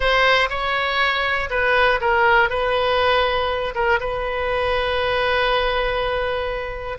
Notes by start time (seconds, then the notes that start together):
0.00 C5
0.49 C#5
1.50 B4
2.00 A#4
2.49 B4
3.74 A#4
4.00 B4